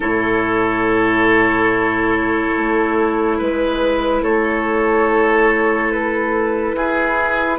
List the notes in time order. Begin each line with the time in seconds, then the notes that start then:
0.00 A2 E4 A4 C#5
2.57 A3
3.37 G#3 B4
4.21 A3 A4 C#5
5.91 B4
6.74 E4 G#4